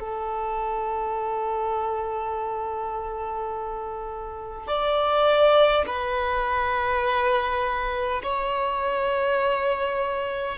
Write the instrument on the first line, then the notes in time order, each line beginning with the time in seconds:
violin
0.00 A4
4.68 D5
5.87 B4
8.23 C#5